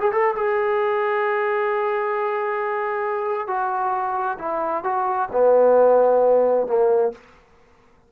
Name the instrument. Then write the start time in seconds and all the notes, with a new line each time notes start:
trombone
0.00 G#4
0.12 A4
0.35 G#4
3.47 F#4
4.38 E4
4.83 F#4
5.32 B3
6.67 A#3